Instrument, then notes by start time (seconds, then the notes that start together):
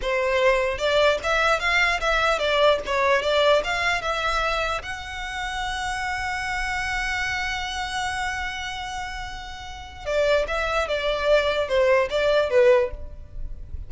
violin
0.01 C5
0.78 D5
1.23 E5
1.59 F5
2.00 E5
2.38 D5
2.85 C#5
3.22 D5
3.64 F5
4.01 E5
4.82 F#5
10.05 D5
10.47 E5
10.87 D5
11.68 C5
12.10 D5
12.50 B4